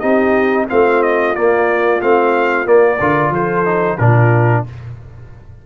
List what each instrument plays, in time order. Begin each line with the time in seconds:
0.00 tuba C4, trombone D#4, horn G4, trumpet D#5
0.69 tuba A3, trombone C4, horn F4, trumpet F5
1.03 trumpet D#5
1.35 trombone A#3, tuba A#3, trumpet D5
2.01 tuba A3, trombone C4, trumpet F5
2.66 trombone A#3, tuba A#3, trumpet D5
2.99 tuba D3, trombone F4, horn A#4
3.31 tuba F3, horn A4, trumpet C5
3.66 trombone D#4
3.98 tuba A#2, trombone D4, horn F4, trumpet A#4